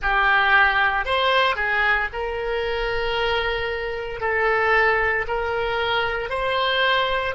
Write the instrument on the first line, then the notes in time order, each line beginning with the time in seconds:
oboe
0.01 G4
1.05 C5
1.55 G#4
2.12 A#4
4.20 A4
5.27 A#4
6.29 C5